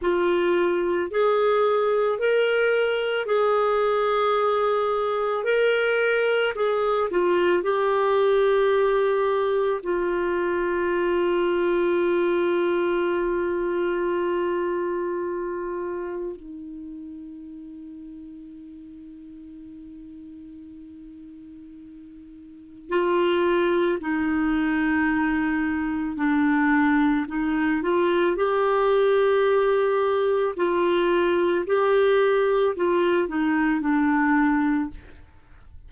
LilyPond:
\new Staff \with { instrumentName = "clarinet" } { \time 4/4 \tempo 4 = 55 f'4 gis'4 ais'4 gis'4~ | gis'4 ais'4 gis'8 f'8 g'4~ | g'4 f'2.~ | f'2. dis'4~ |
dis'1~ | dis'4 f'4 dis'2 | d'4 dis'8 f'8 g'2 | f'4 g'4 f'8 dis'8 d'4 | }